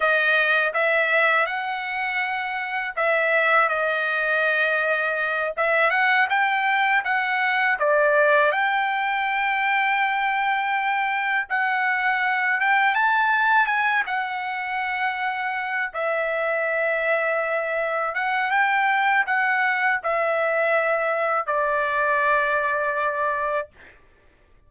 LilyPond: \new Staff \with { instrumentName = "trumpet" } { \time 4/4 \tempo 4 = 81 dis''4 e''4 fis''2 | e''4 dis''2~ dis''8 e''8 | fis''8 g''4 fis''4 d''4 g''8~ | g''2.~ g''8 fis''8~ |
fis''4 g''8 a''4 gis''8 fis''4~ | fis''4. e''2~ e''8~ | e''8 fis''8 g''4 fis''4 e''4~ | e''4 d''2. | }